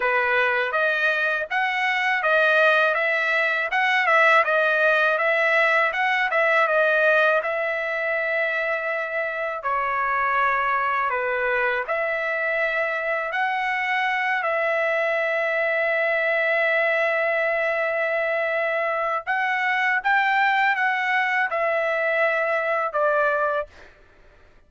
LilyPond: \new Staff \with { instrumentName = "trumpet" } { \time 4/4 \tempo 4 = 81 b'4 dis''4 fis''4 dis''4 | e''4 fis''8 e''8 dis''4 e''4 | fis''8 e''8 dis''4 e''2~ | e''4 cis''2 b'4 |
e''2 fis''4. e''8~ | e''1~ | e''2 fis''4 g''4 | fis''4 e''2 d''4 | }